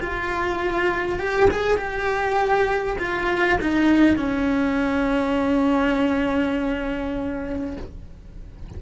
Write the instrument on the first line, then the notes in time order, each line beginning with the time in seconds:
cello
0.00 F4
1.19 G4
1.51 G#4
1.77 G4
2.99 F4
3.61 D#4
4.17 C#4